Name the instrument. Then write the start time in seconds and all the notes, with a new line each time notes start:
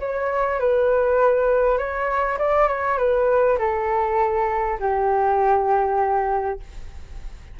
flute
0.00 C#5
0.60 B4
1.78 C#5
2.39 D5
2.68 C#5
2.98 B4
3.59 A4
4.80 G4